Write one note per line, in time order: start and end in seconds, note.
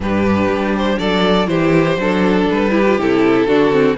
0.00 0.47 G2
0.00 1.46 D4
0.00 0.99 G4
0.00 0.76 B4
0.47 0.97 G3
0.76 0.98 C5
0.98 1.47 F#3
0.98 1.48 A4
0.98 1.47 D5
1.46 1.97 E3
1.46 1.95 E4
1.46 1.98 G4
1.46 2.46 C5
1.97 2.46 F#3
1.97 2.70 D4
1.97 2.71 A4
2.50 2.98 G3
2.50 3.00 B4
2.70 2.82 E4
2.70 3.45 G4
2.87 2.99 F4
2.98 3.45 C3
2.98 3.48 E4
2.98 3.97 A4
3.45 3.95 D3
3.45 3.71 D4
3.45 3.96 F#4
3.71 3.95 C4